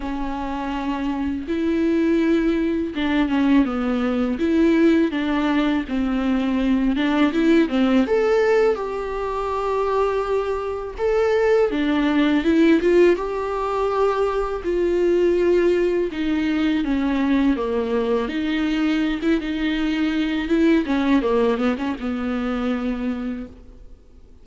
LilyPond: \new Staff \with { instrumentName = "viola" } { \time 4/4 \tempo 4 = 82 cis'2 e'2 | d'8 cis'8 b4 e'4 d'4 | c'4. d'8 e'8 c'8 a'4 | g'2. a'4 |
d'4 e'8 f'8 g'2 | f'2 dis'4 cis'4 | ais4 dis'4~ dis'16 e'16 dis'4. | e'8 cis'8 ais8 b16 cis'16 b2 | }